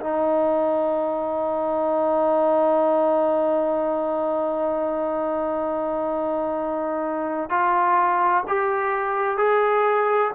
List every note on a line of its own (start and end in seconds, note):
0.00 7.50 D#4
7.50 8.44 F4
8.48 9.37 G4
9.37 10.31 G#4